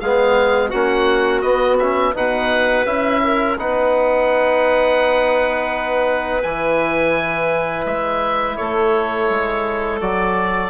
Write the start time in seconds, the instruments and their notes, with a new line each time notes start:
0.00 bassoon G#3, trombone B3, clarinet G#4, oboe F5
0.68 bassoon A#3, trombone C#4, clarinet F#4, oboe F#5
1.42 bassoon B3, trombone B3, oboe D#5
1.79 trombone C#4, oboe E5
2.14 bassoon B2, trombone D#4, clarinet B4, oboe F#5
2.86 bassoon C#4, trombone E4, oboe E5
3.24 clarinet A#4
3.58 bassoon B3, trombone D#4, clarinet B4, oboe F#5
6.42 bassoon E3, trombone E4, oboe G#5
7.86 bassoon G#3, oboe E5
8.57 bassoon A3, clarinet A4, oboe C#5
9.30 bassoon G#3
10.01 bassoon F#3, trombone F#4, oboe D5